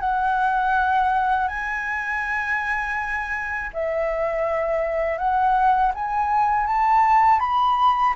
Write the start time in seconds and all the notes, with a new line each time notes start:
0.00 F#5
1.48 G#5
3.73 E5
5.18 F#5
5.95 G#5
6.66 A5
7.40 B5